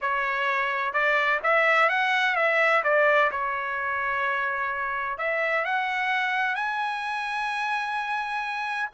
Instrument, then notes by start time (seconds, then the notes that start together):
trumpet
0.01 C#5
0.93 D5
1.43 E5
1.89 F#5
2.35 E5
2.83 D5
3.31 C#5
5.18 E5
5.64 F#5
6.55 G#5